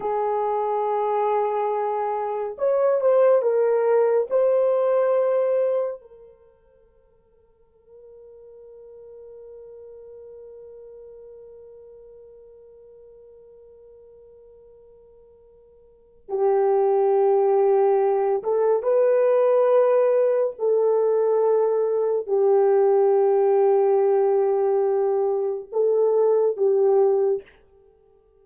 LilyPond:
\new Staff \with { instrumentName = "horn" } { \time 4/4 \tempo 4 = 70 gis'2. cis''8 c''8 | ais'4 c''2 ais'4~ | ais'1~ | ais'1~ |
ais'2. g'4~ | g'4. a'8 b'2 | a'2 g'2~ | g'2 a'4 g'4 | }